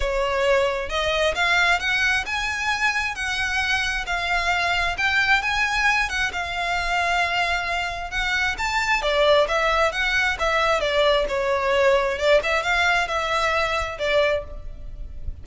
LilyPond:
\new Staff \with { instrumentName = "violin" } { \time 4/4 \tempo 4 = 133 cis''2 dis''4 f''4 | fis''4 gis''2 fis''4~ | fis''4 f''2 g''4 | gis''4. fis''8 f''2~ |
f''2 fis''4 a''4 | d''4 e''4 fis''4 e''4 | d''4 cis''2 d''8 e''8 | f''4 e''2 d''4 | }